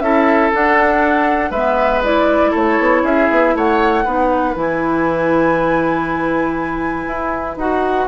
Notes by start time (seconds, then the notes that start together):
0.00 C#4 E4 A4 E5
0.53 D4 F#5
1.51 G#3 B3 B4 E5
2.04 E4 D5
2.51 A3 A4 C#5
2.79 B3
3.03 C#4 G#4 E5
3.31 B3
3.55 A3 C#5 F#5
4.05 B3 D#4 B4
4.55 E3 E4 G#5
7.07 E4
7.57 D#4 F#4 F#5